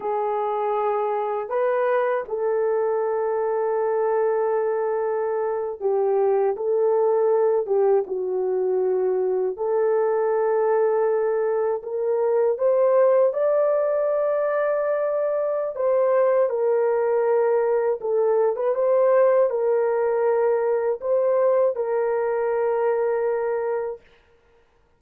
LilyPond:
\new Staff \with { instrumentName = "horn" } { \time 4/4 \tempo 4 = 80 gis'2 b'4 a'4~ | a'2.~ a'8. g'16~ | g'8. a'4. g'8 fis'4~ fis'16~ | fis'8. a'2. ais'16~ |
ais'8. c''4 d''2~ d''16~ | d''4 c''4 ais'2 | a'8. b'16 c''4 ais'2 | c''4 ais'2. | }